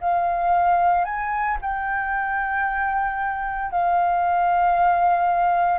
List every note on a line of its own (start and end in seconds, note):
0.00 1.05 F5
1.05 1.57 G#5
1.61 3.71 G5
3.71 5.79 F5